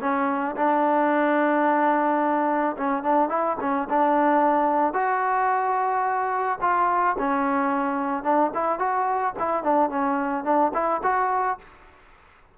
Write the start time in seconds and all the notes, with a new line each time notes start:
0.00 C#4
0.56 D4
2.77 C#4
3.03 D4
3.29 E4
3.60 C#4
3.89 D4
4.93 F#4
6.61 F4
7.19 C#4
8.23 D4
8.54 E4
8.79 F#4
9.39 E4
9.63 D4
9.90 C#4
10.44 D4
10.74 E4
11.03 F#4